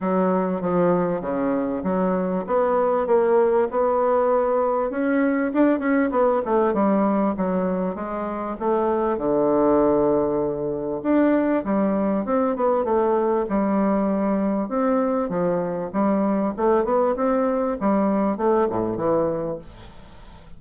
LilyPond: \new Staff \with { instrumentName = "bassoon" } { \time 4/4 \tempo 4 = 98 fis4 f4 cis4 fis4 | b4 ais4 b2 | cis'4 d'8 cis'8 b8 a8 g4 | fis4 gis4 a4 d4~ |
d2 d'4 g4 | c'8 b8 a4 g2 | c'4 f4 g4 a8 b8 | c'4 g4 a8 a,8 e4 | }